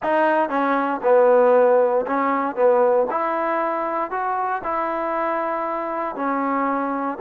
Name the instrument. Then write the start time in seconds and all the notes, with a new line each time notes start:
trombone
0.03 D#4
0.49 C#4
1.03 B3
2.06 C#4
2.55 B3
3.10 E4
4.10 F#4
4.63 E4
6.15 C#4